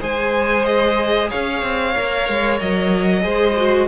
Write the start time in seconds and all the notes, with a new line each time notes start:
0.00 G#3 G#4 C5 G#5
0.65 D#5
1.29 C#4 C#5 F5
1.62 C4
1.95 A#3 A#4
2.29 G#3
2.59 F#3 D#5
3.21 G#3 G#4 C5
3.57 F#4